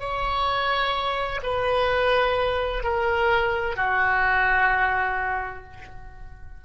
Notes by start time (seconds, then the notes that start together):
0.00 C#5
1.43 B4
2.83 A#4
3.76 F#4